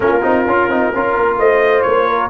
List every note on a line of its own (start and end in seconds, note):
0.00 0.22 A#3
0.00 0.21 C#4
0.00 0.94 F4
0.00 1.38 A#4
0.22 0.46 C4
0.22 0.45 D#4
0.46 0.68 C#4
0.46 0.70 F4
0.68 0.91 C4
0.68 0.93 D#4
0.94 1.16 C#4
0.94 2.29 F4
0.94 1.39 A#4
1.16 1.38 A#3
1.38 1.84 A3
1.38 2.07 C5
1.38 1.82 D#5
1.82 2.29 A#3
1.82 2.28 C#5
2.07 2.29 A#4